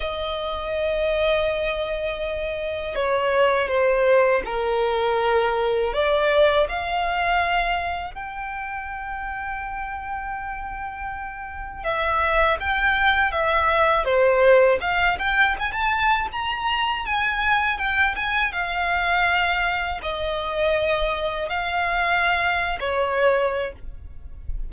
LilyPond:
\new Staff \with { instrumentName = "violin" } { \time 4/4 \tempo 4 = 81 dis''1 | cis''4 c''4 ais'2 | d''4 f''2 g''4~ | g''1 |
e''4 g''4 e''4 c''4 | f''8 g''8 gis''16 a''8. ais''4 gis''4 | g''8 gis''8 f''2 dis''4~ | dis''4 f''4.~ f''16 cis''4~ cis''16 | }